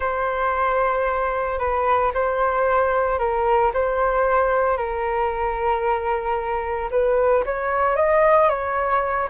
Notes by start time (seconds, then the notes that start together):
0.00 C5
1.58 B4
2.14 C5
3.18 A#4
3.73 C5
4.77 A#4
6.90 B4
7.45 C#5
7.96 D#5
8.49 C#5